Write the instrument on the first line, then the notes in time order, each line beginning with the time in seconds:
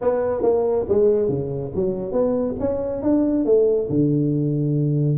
tuba
0.01 B3
0.42 A#3
0.88 G#3
1.28 C#3
1.75 F#3
2.12 B3
2.59 C#4
3.02 D4
3.45 A3
3.89 D3